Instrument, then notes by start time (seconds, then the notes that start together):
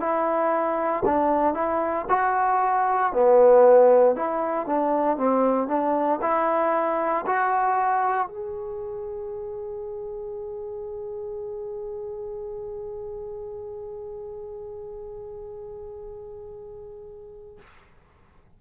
trombone
0.00 E4
1.05 D4
1.54 E4
2.09 F#4
3.13 B3
4.15 E4
4.66 D4
5.17 C4
5.68 D4
6.22 E4
7.26 F#4
8.28 G#4